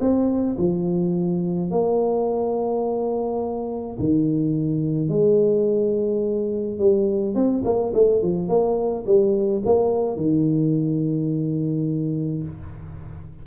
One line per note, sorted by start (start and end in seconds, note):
0.00 0.57 C4
0.58 1.70 F3
1.70 3.97 A#3
3.99 5.08 D#3
5.08 6.78 G#3
6.78 7.34 G3
7.34 7.63 C4
7.64 7.92 A#3
7.94 8.22 A3
8.22 8.48 F3
8.48 9.04 A#3
9.06 9.62 G3
9.65 10.16 A#3
10.16 12.42 D#3